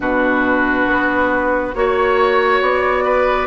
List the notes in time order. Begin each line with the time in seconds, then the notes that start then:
0.00 B2 D4 F#4 B4
0.86 B3
1.74 A#3 F#4 C#5
2.61 B3 D5
3.04 B4